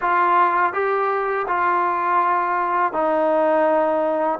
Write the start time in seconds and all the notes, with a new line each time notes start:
0.01 F4
0.73 G4
1.47 F4
2.93 D#4